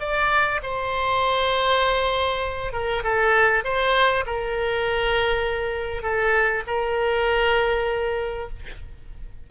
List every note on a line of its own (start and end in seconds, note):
0.00 0.61 D5
0.63 2.72 C5
2.72 3.03 A#4
3.03 3.64 A4
3.64 4.25 C5
4.26 6.02 A#4
6.02 6.63 A4
6.67 8.49 A#4